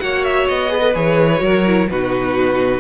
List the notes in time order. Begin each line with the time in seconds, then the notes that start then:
0.00 A#3 F#4 C#5 F#5
0.24 E5
0.48 B3 D#5
0.69 G#4 B4
0.81 A4
0.95 E3 G#4 C#5
1.38 F#3 F#4 A#4
1.67 E4
1.89 B2 D#4 F#4 B4